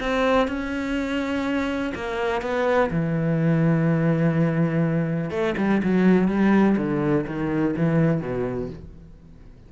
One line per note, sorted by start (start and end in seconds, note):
0.00 0.48 C4
0.48 1.93 C#4
1.95 2.41 A#3
2.41 2.90 B3
2.91 5.30 E3
5.30 5.54 A3
5.58 5.82 G3
5.83 6.28 F#3
6.28 6.77 G3
6.77 7.25 D3
7.27 7.75 D#3
7.76 8.21 E3
8.21 8.70 B2